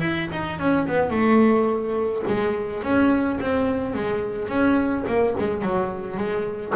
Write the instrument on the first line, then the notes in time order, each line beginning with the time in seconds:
double bass
0.00 E4
0.32 D#4
0.59 C#4
0.87 B3
1.10 A3
2.28 G#3
2.83 C#4
3.40 C4
3.94 G#3
4.48 C#4
5.07 A#3
5.39 G#3
5.62 F#3
6.17 G#3